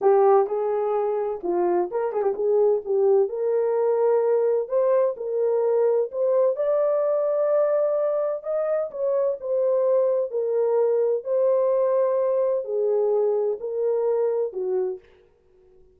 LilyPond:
\new Staff \with { instrumentName = "horn" } { \time 4/4 \tempo 4 = 128 g'4 gis'2 f'4 | ais'8 gis'16 g'16 gis'4 g'4 ais'4~ | ais'2 c''4 ais'4~ | ais'4 c''4 d''2~ |
d''2 dis''4 cis''4 | c''2 ais'2 | c''2. gis'4~ | gis'4 ais'2 fis'4 | }